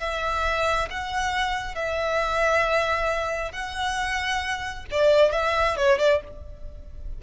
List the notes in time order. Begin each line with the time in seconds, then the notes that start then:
0.00 E5
0.91 F#5
1.75 E5
3.52 F#5
4.91 D5
5.32 E5
5.77 C#5
5.99 D5